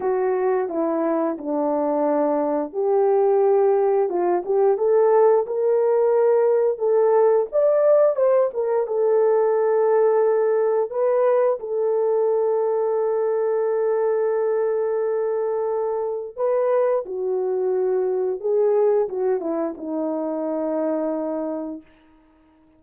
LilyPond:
\new Staff \with { instrumentName = "horn" } { \time 4/4 \tempo 4 = 88 fis'4 e'4 d'2 | g'2 f'8 g'8 a'4 | ais'2 a'4 d''4 | c''8 ais'8 a'2. |
b'4 a'2.~ | a'1 | b'4 fis'2 gis'4 | fis'8 e'8 dis'2. | }